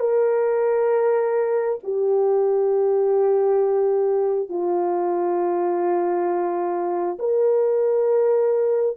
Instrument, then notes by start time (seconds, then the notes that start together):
horn
0.00 A#4
1.84 G4
4.49 F4
7.19 A#4